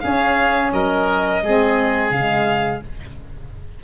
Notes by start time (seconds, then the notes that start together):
0.00 C#4 G#4 F5
0.73 F#3 A#4 D#5
1.42 G#3 C4 G#4
2.11 C#3 G#3 F5